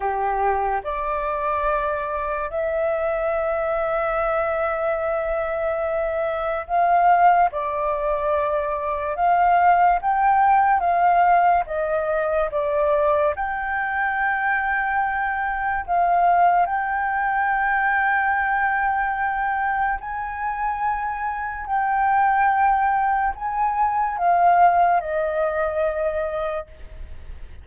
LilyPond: \new Staff \with { instrumentName = "flute" } { \time 4/4 \tempo 4 = 72 g'4 d''2 e''4~ | e''1 | f''4 d''2 f''4 | g''4 f''4 dis''4 d''4 |
g''2. f''4 | g''1 | gis''2 g''2 | gis''4 f''4 dis''2 | }